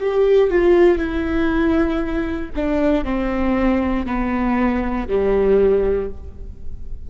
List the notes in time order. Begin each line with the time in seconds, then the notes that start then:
0.00 G4
0.50 F4
0.98 E4
2.56 D4
3.05 C4
4.06 B3
5.08 G3